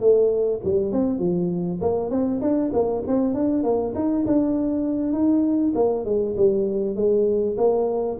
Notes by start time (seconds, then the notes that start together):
0.00 A3
0.64 G3
0.92 C4
1.19 F3
1.81 A#3
2.10 C4
2.41 D4
2.73 A#3
3.07 C4
3.34 D4
3.64 A#3
3.95 D#4
4.27 D4
5.13 D#4
5.75 A#3
6.05 G#3
6.37 G3
6.96 G#3
7.58 A#3